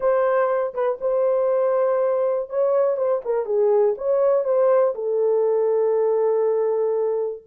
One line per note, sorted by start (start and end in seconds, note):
0.00 0.73 C5
0.74 0.98 B4
1.01 2.49 C5
2.49 2.96 C#5
2.96 3.21 C5
3.24 3.45 A#4
3.45 3.95 G#4
3.97 4.44 C#5
4.44 4.94 C5
4.95 7.42 A4